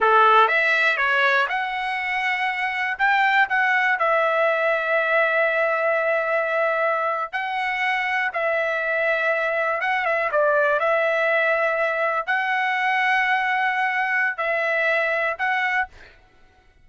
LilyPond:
\new Staff \with { instrumentName = "trumpet" } { \time 4/4 \tempo 4 = 121 a'4 e''4 cis''4 fis''4~ | fis''2 g''4 fis''4 | e''1~ | e''2~ e''8. fis''4~ fis''16~ |
fis''8. e''2. fis''16~ | fis''16 e''8 d''4 e''2~ e''16~ | e''8. fis''2.~ fis''16~ | fis''4 e''2 fis''4 | }